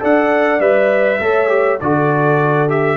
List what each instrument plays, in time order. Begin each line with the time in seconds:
0.00 tuba D4, trombone A4, horn D5, trumpet F#5
0.59 tuba G3, trombone B4, trumpet E5
1.20 tuba A3, trombone A4, horn C#5
1.48 trombone G4
1.80 tuba D3, trombone F#4, horn A4, trumpet D5
2.68 trombone G4, trumpet E5